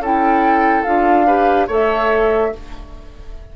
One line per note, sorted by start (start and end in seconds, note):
0.00 0.83 C#4
0.00 0.86 E4
0.00 1.27 A4
0.00 0.84 G5
0.84 1.69 D4
0.84 1.28 F4
0.84 1.67 F5
1.27 1.69 G4
1.27 1.68 B4
1.68 2.52 A3
1.68 2.53 A4
1.68 2.51 C#5
1.68 2.57 E5